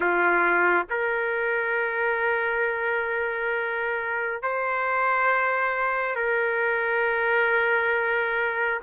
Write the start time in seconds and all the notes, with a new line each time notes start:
0.00 F4
0.89 A#4
4.42 C5
6.15 A#4